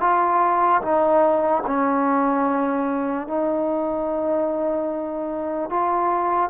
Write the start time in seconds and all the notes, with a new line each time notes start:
0.00 F4
0.81 D#4
1.66 C#4
3.27 D#4
5.70 F4